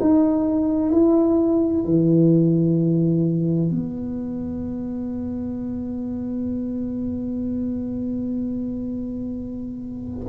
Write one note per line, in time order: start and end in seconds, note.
0.00 0.92 D#4
0.92 1.85 E4
1.85 3.71 E3
3.71 10.27 B3